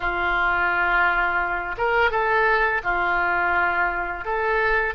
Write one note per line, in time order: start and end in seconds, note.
0.00 1.75 F4
1.77 2.10 A#4
2.10 2.81 A4
2.83 4.24 F4
4.24 4.94 A4